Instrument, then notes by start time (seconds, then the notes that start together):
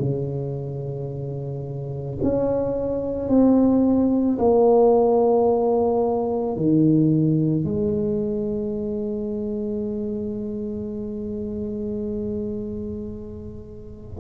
tuba
0.00 C#3
2.23 C#4
3.29 C4
4.38 A#3
6.57 D#3
7.65 G#3